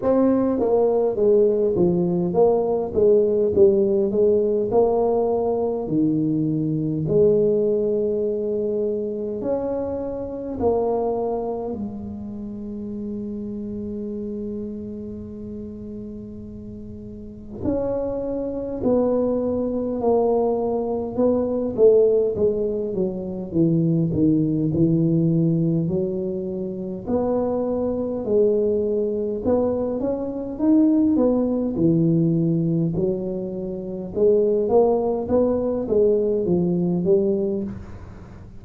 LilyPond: \new Staff \with { instrumentName = "tuba" } { \time 4/4 \tempo 4 = 51 c'8 ais8 gis8 f8 ais8 gis8 g8 gis8 | ais4 dis4 gis2 | cis'4 ais4 gis2~ | gis2. cis'4 |
b4 ais4 b8 a8 gis8 fis8 | e8 dis8 e4 fis4 b4 | gis4 b8 cis'8 dis'8 b8 e4 | fis4 gis8 ais8 b8 gis8 f8 g8 | }